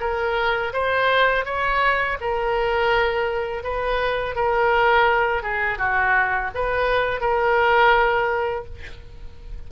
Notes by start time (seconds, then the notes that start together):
0.00 A#4
0.73 C5
1.45 C#5
2.20 A#4
3.63 B4
4.35 A#4
5.42 G#4
5.78 F#4
6.54 B4
7.20 A#4